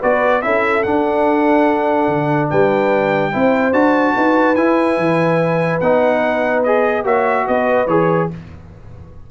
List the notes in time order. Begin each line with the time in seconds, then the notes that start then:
0.00 B3 F#4 B4 D5
0.42 C#4 E4 A4 E5
0.83 D4 F#5
2.08 D3
2.50 G3 B4 G5
3.32 C4 E4 C5
3.73 D4 F#4 A5
4.15 D#4 B4
4.56 E4 G#5
4.98 E3
5.80 B3 D#4 F#5
6.64 G#4 D#5
7.04 A#3 F#4 C#5 E5
7.47 B3 B4 D#5
7.87 E3 G#4 C#5